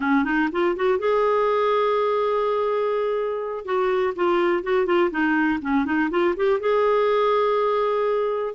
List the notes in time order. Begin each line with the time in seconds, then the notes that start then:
0.00 C#4
0.24 D#4
0.51 F4
0.76 F#4
0.98 G#4
3.65 F#4
4.15 F4
4.63 F#4
4.86 F4
5.10 D#4
5.61 C#4
5.85 D#4
6.10 F4
6.36 G4
6.60 G#4